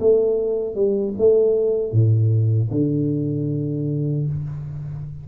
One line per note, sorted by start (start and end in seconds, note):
0.00 0.75 A3
0.75 1.14 G3
1.18 1.92 A3
1.92 2.70 A2
2.71 4.27 D3